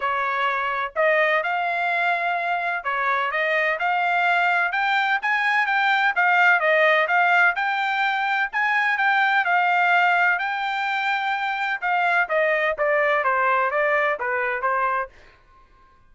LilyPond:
\new Staff \with { instrumentName = "trumpet" } { \time 4/4 \tempo 4 = 127 cis''2 dis''4 f''4~ | f''2 cis''4 dis''4 | f''2 g''4 gis''4 | g''4 f''4 dis''4 f''4 |
g''2 gis''4 g''4 | f''2 g''2~ | g''4 f''4 dis''4 d''4 | c''4 d''4 b'4 c''4 | }